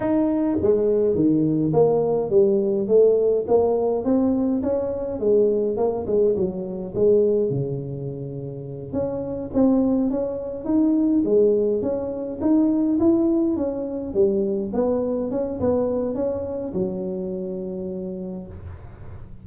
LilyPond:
\new Staff \with { instrumentName = "tuba" } { \time 4/4 \tempo 4 = 104 dis'4 gis4 dis4 ais4 | g4 a4 ais4 c'4 | cis'4 gis4 ais8 gis8 fis4 | gis4 cis2~ cis8 cis'8~ |
cis'8 c'4 cis'4 dis'4 gis8~ | gis8 cis'4 dis'4 e'4 cis'8~ | cis'8 g4 b4 cis'8 b4 | cis'4 fis2. | }